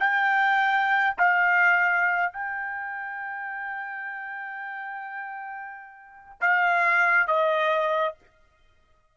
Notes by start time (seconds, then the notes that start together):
0.00 G5
1.18 F5
2.33 G5
6.41 F5
7.27 D#5